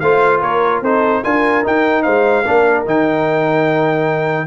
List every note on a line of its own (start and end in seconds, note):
0.00 0.42 A3
0.00 0.85 F4
0.00 0.42 C5
0.00 0.41 F5
0.42 0.82 A#3
0.42 0.82 A#4
0.42 0.83 C#5
0.82 1.22 C4
0.82 1.24 D#4
0.82 1.23 A4
0.82 1.24 C5
1.24 1.65 D4
1.24 1.64 F4
1.24 2.04 A#4
1.24 1.64 G#5
1.64 2.45 D#4
1.64 2.07 D#4
1.64 2.03 G5
2.03 2.47 G#3
2.03 2.44 C5
2.03 2.84 F5
2.45 2.86 A#3
2.45 2.86 D4
2.45 4.47 A#4
2.86 4.47 D#3
2.86 4.47 D#4
2.86 4.47 G5